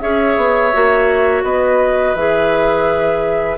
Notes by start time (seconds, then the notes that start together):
0.00 C#4 G#4 C#5 E5
0.37 B3
0.73 A#3 F#4
1.43 B3 B4 D#5
2.15 E3 G#4 E5